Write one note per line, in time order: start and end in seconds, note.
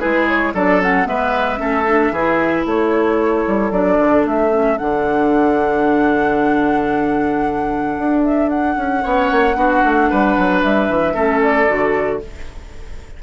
0.00 0.54 G#3
0.00 0.54 E4
0.00 0.53 G#4
0.00 0.27 B4
0.28 0.55 C#5
0.54 1.07 F#3
0.54 0.81 D4
0.54 1.08 A4
0.54 0.82 D5
0.81 1.05 C#4
0.81 1.08 F#5
1.05 1.60 G#3
1.05 1.57 B3
1.05 1.60 B4
1.05 2.67 E5
1.57 2.12 A3
1.57 1.84 C#4
1.57 2.13 A4
1.88 2.14 D4
2.12 2.65 E3
2.12 3.72 E4
2.12 2.66 G#4
2.66 3.46 A3
2.66 9.03 A4
2.66 3.72 C#5
3.48 3.72 G3
3.72 3.98 F#3
3.72 4.51 D4
3.72 4.25 D5
4.00 4.25 D3
4.25 4.78 A3
4.25 4.78 E5
4.51 4.77 C#4
4.78 7.98 D3
4.78 9.01 D4
4.78 8.24 F#5
7.98 8.77 D4
8.24 8.49 E5
8.49 10.62 F#5
8.77 9.04 C#4
9.01 9.31 B3
9.01 9.54 C#4
9.01 9.57 C#5
9.31 9.56 A#3
9.56 9.83 B3
9.56 11.15 D4
9.56 10.10 F#4
9.85 10.11 A3
10.10 10.37 G3
10.10 11.14 B4
10.37 10.64 F#3
10.62 10.89 G3
10.62 11.42 E5
10.89 11.15 E3
11.14 11.68 A3
11.14 11.67 C#4
11.14 12.20 A4
11.43 12.22 D5
11.67 12.23 D3
11.67 12.20 F#4